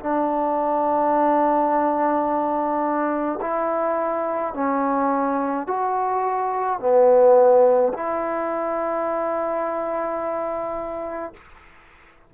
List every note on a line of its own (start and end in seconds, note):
0.00 3.40 D4
3.41 4.54 E4
4.54 5.67 C#4
5.67 6.79 F#4
6.79 7.92 B3
7.93 11.33 E4